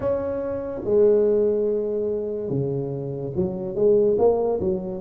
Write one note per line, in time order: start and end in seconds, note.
0.00 0.81 C#4
0.84 2.49 G#3
2.49 3.33 C#3
3.35 3.75 F#3
3.75 4.17 G#3
4.18 4.59 A#3
4.60 5.01 F#3